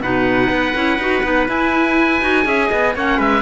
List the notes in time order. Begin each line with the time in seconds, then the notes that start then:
0.00 B2 D#4 B4 F#5
0.49 B3
0.74 C#4 E4
0.98 D#4 F#4
1.23 B3 D#4
1.47 E4 G#5
2.21 D#4 F#4
2.43 C#4 G#4 E5
2.69 B3 D#5
2.95 A#3 C#4 C#5 F#5
3.17 G#3 B4 E5